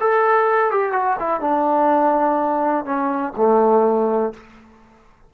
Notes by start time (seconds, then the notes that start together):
0.00 A4
0.71 G4
0.92 F#4
1.19 E4
1.41 D4
2.85 C#4
3.37 A3